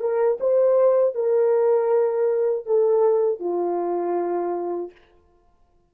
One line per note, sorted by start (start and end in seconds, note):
0.00 0.38 A#4
0.40 1.14 C5
1.14 2.66 A#4
2.66 3.40 A4
3.40 4.92 F4